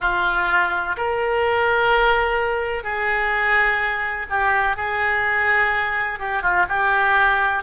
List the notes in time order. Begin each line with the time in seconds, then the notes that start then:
0.00 F4
0.97 A#4
2.83 G#4
4.29 G4
4.76 G#4
6.19 G4
6.42 F4
6.68 G4